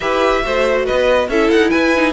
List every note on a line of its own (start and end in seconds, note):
0.00 0.44 E4
0.00 0.42 G4
0.00 0.43 B4
0.00 0.84 E5
0.42 0.88 A3
0.42 1.27 F#4
0.42 0.85 C5
0.85 1.28 B3
0.85 1.28 B4
0.85 1.29 D#5
1.28 1.49 C#4
1.28 1.96 E4
1.28 1.70 A4
1.28 1.50 E5
1.50 1.73 D#4
1.50 1.69 F#5
1.69 2.13 E4
1.69 2.13 B4
1.69 2.12 G#5
1.96 2.13 D#4